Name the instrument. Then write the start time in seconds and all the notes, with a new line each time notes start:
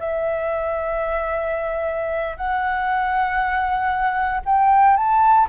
flute
0.00 E5
2.38 F#5
4.46 G5
4.97 A5